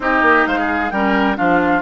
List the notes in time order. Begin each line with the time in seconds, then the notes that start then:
0.00 C4 D#4 G4 D#5
0.21 A#3
0.46 G#3 C5 F5
0.58 G#4
0.90 G3 C#4 A#4 G5
1.35 F3 D4 F4 F5